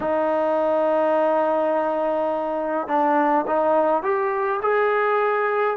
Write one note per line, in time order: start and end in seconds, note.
0.00 2.87 D#4
2.87 3.45 D4
3.46 4.02 D#4
4.02 4.60 G4
4.62 5.77 G#4